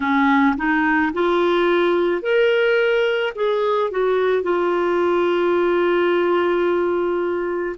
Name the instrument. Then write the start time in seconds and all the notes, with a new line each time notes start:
clarinet
0.00 C#4
0.56 D#4
1.13 F4
2.22 A#4
3.35 G#4
3.90 F#4
4.42 F4